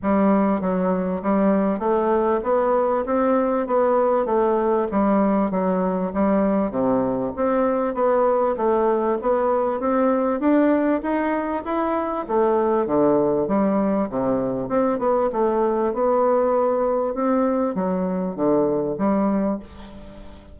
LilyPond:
\new Staff \with { instrumentName = "bassoon" } { \time 4/4 \tempo 4 = 98 g4 fis4 g4 a4 | b4 c'4 b4 a4 | g4 fis4 g4 c4 | c'4 b4 a4 b4 |
c'4 d'4 dis'4 e'4 | a4 d4 g4 c4 | c'8 b8 a4 b2 | c'4 fis4 d4 g4 | }